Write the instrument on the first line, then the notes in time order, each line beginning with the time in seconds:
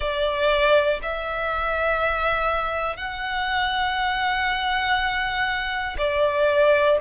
violin
0.00 D5
1.02 E5
2.96 F#5
5.98 D5